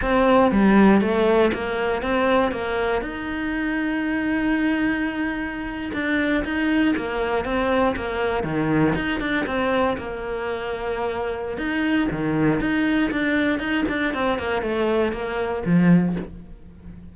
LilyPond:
\new Staff \with { instrumentName = "cello" } { \time 4/4 \tempo 4 = 119 c'4 g4 a4 ais4 | c'4 ais4 dis'2~ | dis'2.~ dis'8. d'16~ | d'8. dis'4 ais4 c'4 ais16~ |
ais8. dis4 dis'8 d'8 c'4 ais16~ | ais2. dis'4 | dis4 dis'4 d'4 dis'8 d'8 | c'8 ais8 a4 ais4 f4 | }